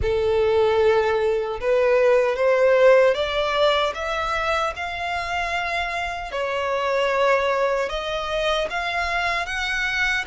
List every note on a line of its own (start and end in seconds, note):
0.02 1.60 A4
1.60 2.36 B4
2.36 3.14 C5
3.14 3.93 D5
3.94 4.73 E5
4.76 6.31 F5
6.31 7.89 C#5
7.89 8.68 D#5
8.69 9.46 F5
9.46 10.25 F#5